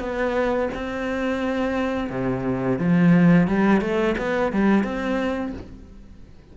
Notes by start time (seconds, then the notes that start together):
0.00 B3
0.74 C4
2.10 C3
2.78 F3
3.47 G3
3.81 A3
4.18 B3
4.52 G3
4.83 C4